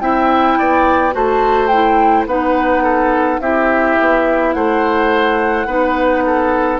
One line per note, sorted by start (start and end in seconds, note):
0.00 0.57 C4
0.00 1.12 E4
0.00 0.58 E5
0.00 1.13 G5
0.58 1.14 B3
0.58 1.14 D5
1.12 2.26 A3
1.12 1.68 F#4
1.12 2.27 C5
1.12 1.67 A5
1.67 2.28 E4
1.67 2.24 G5
2.26 3.39 B3
2.26 3.41 D#4
2.26 2.83 B4
2.26 3.40 F#5
2.83 3.40 A4
3.40 3.96 C4
3.40 5.67 E4
3.40 4.55 G4
3.40 4.53 E5
3.99 4.54 B3
4.53 5.66 A3
4.53 5.67 C5
4.53 6.79 F#5
5.66 6.79 B3
5.66 6.80 D#4
5.66 6.23 B4
6.25 6.80 A4